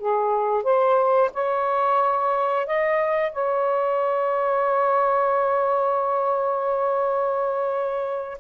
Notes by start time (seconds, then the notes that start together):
0.00 G#4
0.64 C5
1.34 C#5
2.67 D#5
3.33 C#5